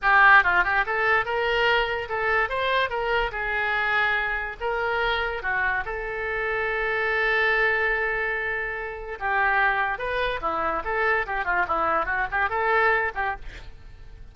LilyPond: \new Staff \with { instrumentName = "oboe" } { \time 4/4 \tempo 4 = 144 g'4 f'8 g'8 a'4 ais'4~ | ais'4 a'4 c''4 ais'4 | gis'2. ais'4~ | ais'4 fis'4 a'2~ |
a'1~ | a'2 g'2 | b'4 e'4 a'4 g'8 f'8 | e'4 fis'8 g'8 a'4. g'8 | }